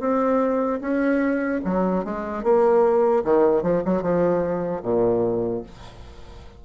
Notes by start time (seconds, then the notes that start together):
0.00 C4
0.81 C#4
1.65 F#3
2.05 G#3
2.44 A#3
3.24 D#3
3.63 F3
3.85 F#3
4.03 F3
4.83 A#2